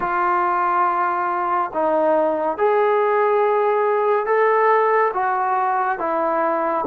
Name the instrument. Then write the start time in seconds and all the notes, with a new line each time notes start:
trombone
0.00 F4
1.73 D#4
2.57 G#4
4.25 A4
5.14 F#4
5.98 E4